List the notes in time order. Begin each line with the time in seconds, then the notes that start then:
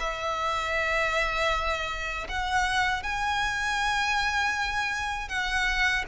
0.00 E5
2.29 F#5
3.03 G#5
5.29 F#5